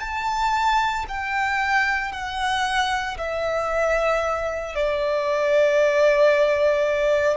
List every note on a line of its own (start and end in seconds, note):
0.00 1.05 A5
1.09 2.12 G5
2.12 3.17 F#5
3.18 4.75 E5
4.75 7.37 D5